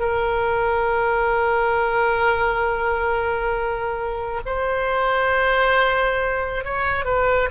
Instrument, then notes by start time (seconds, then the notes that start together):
oboe
0.00 A#4
4.46 C5
6.65 C#5
7.05 B4